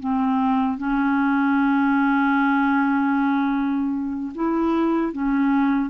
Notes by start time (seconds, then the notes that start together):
0.00 C4
0.78 C#4
4.35 E4
5.13 C#4